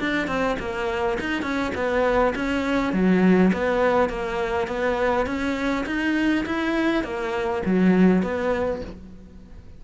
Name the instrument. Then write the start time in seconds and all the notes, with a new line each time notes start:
cello
0.00 D4
0.28 C4
0.60 A#3
1.21 D#4
1.43 C#4
1.75 B3
2.36 C#4
2.94 F#3
3.53 B3
4.10 A#3
4.68 B3
5.26 C#4
5.87 D#4
6.46 E4
7.04 A#3
7.66 F#3
8.23 B3